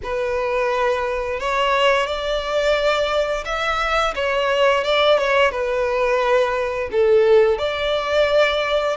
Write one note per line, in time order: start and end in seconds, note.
0.03 1.40 B4
1.40 2.06 C#5
2.06 3.44 D5
3.45 4.14 E5
4.15 4.84 C#5
4.84 5.18 D5
5.18 5.51 C#5
5.51 6.89 B4
6.91 7.58 A4
7.58 8.96 D5